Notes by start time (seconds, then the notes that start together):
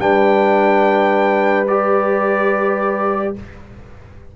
0.00 G3 D4 B4 G5
1.68 G4 D5